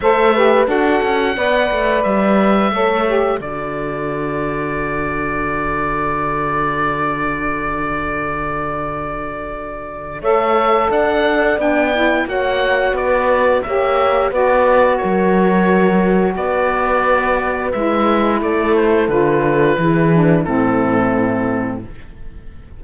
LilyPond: <<
  \new Staff \with { instrumentName = "oboe" } { \time 4/4 \tempo 4 = 88 e''4 fis''2 e''4~ | e''4 d''2.~ | d''1~ | d''2. e''4 |
fis''4 g''4 fis''4 d''4 | e''4 d''4 cis''2 | d''2 e''4 d''8 c''8 | b'2 a'2 | }
  \new Staff \with { instrumentName = "horn" } { \time 4/4 c''8 b'8 a'4 d''2 | cis''4 a'2.~ | a'1~ | a'2. cis''4 |
d''2 cis''4 b'4 | cis''4 b'4 ais'2 | b'2. a'4~ | a'4 gis'4 e'2 | }
  \new Staff \with { instrumentName = "saxophone" } { \time 4/4 a'8 g'8 fis'4 b'2 | a'8 g'8 fis'2.~ | fis'1~ | fis'2. a'4~ |
a'4 d'8 e'8 fis'2 | g'4 fis'2.~ | fis'2 e'2 | f'4 e'8 d'8 c'2 | }
  \new Staff \with { instrumentName = "cello" } { \time 4/4 a4 d'8 cis'8 b8 a8 g4 | a4 d2.~ | d1~ | d2. a4 |
d'4 b4 ais4 b4 | ais4 b4 fis2 | b2 gis4 a4 | d4 e4 a,2 | }
>>